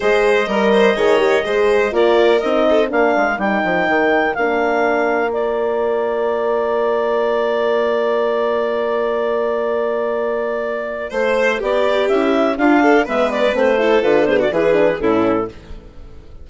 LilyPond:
<<
  \new Staff \with { instrumentName = "clarinet" } { \time 4/4 \tempo 4 = 124 dis''1 | d''4 dis''4 f''4 g''4~ | g''4 f''2 d''4~ | d''1~ |
d''1~ | d''2. c''4 | d''4 e''4 f''4 e''8 d''8 | c''4 b'8 c''16 d''16 b'4 a'4 | }
  \new Staff \with { instrumentName = "violin" } { \time 4/4 c''4 ais'8 c''8 cis''4 c''4 | ais'4. a'8 ais'2~ | ais'1~ | ais'1~ |
ais'1~ | ais'2. c''4 | g'2 f'8 a'8 b'4~ | b'8 a'4 gis'16 fis'16 gis'4 e'4 | }
  \new Staff \with { instrumentName = "horn" } { \time 4/4 gis'4 ais'4 gis'8 g'8 gis'4 | f'4 dis'4 d'4 dis'4~ | dis'4 d'2 f'4~ | f'1~ |
f'1~ | f'1~ | f'4 e'4 d'4 b4 | c'8 e'8 f'8 b8 e'8 d'8 cis'4 | }
  \new Staff \with { instrumentName = "bassoon" } { \time 4/4 gis4 g4 dis4 gis4 | ais4 c'4 ais8 gis8 g8 f8 | dis4 ais2.~ | ais1~ |
ais1~ | ais2. a4 | b4 cis'4 d'4 gis4 | a4 d4 e4 a,4 | }
>>